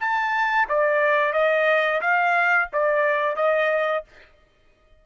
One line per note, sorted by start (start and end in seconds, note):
0.00 0.68 A5
0.69 1.33 D5
1.33 2.01 D#5
2.01 2.69 F5
2.73 3.36 D5
3.36 4.04 D#5